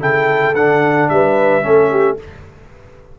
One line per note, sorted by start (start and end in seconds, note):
0.00 0.54 C#3
0.00 0.55 E4
0.00 1.10 A4
0.00 0.55 G5
0.54 1.09 D3
0.54 1.62 D4
0.54 1.09 F#5
1.09 1.64 G3
1.09 1.65 B4
1.09 2.18 E5
1.62 2.19 A3
1.62 2.17 C#4
1.62 1.91 A4
1.91 2.19 G4